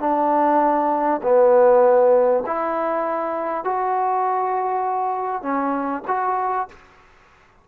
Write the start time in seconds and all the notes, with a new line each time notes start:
0.00 D4
1.23 B3
2.47 E4
3.64 F#4
5.42 C#4
6.08 F#4